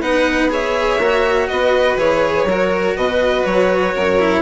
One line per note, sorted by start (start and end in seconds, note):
0.00 0.98 B3
0.00 0.49 D#4
0.00 0.51 B4
0.00 0.50 F#5
0.49 0.99 G#4
0.49 1.49 C#5
0.49 1.47 E5
0.98 1.48 A#3
0.98 1.98 F#4
1.47 1.96 B3
1.47 2.47 B4
1.47 1.97 D#5
1.96 2.45 E3
1.96 2.47 G#4
1.96 2.97 C#5
2.45 2.94 F#3
2.45 4.19 F#4
2.45 2.97 A#4
2.96 3.45 B2
2.96 3.94 B4
2.96 3.45 D#5
3.45 3.94 F#3
3.45 4.42 C#5
3.94 4.42 F#2
3.94 4.42 A#4
4.19 4.42 E4